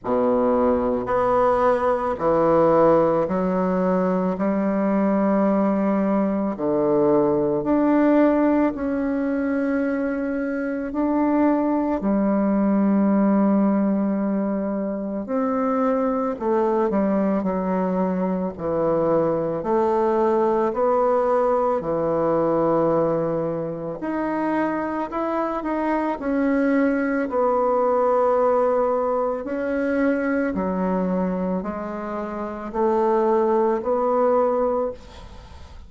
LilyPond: \new Staff \with { instrumentName = "bassoon" } { \time 4/4 \tempo 4 = 55 b,4 b4 e4 fis4 | g2 d4 d'4 | cis'2 d'4 g4~ | g2 c'4 a8 g8 |
fis4 e4 a4 b4 | e2 dis'4 e'8 dis'8 | cis'4 b2 cis'4 | fis4 gis4 a4 b4 | }